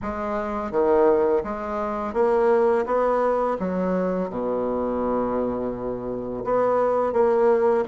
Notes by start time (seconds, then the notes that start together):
0.02 G#3
0.71 D#3
1.43 G#3
2.13 A#3
2.85 B3
3.59 F#3
4.29 B2
6.44 B3
7.12 A#3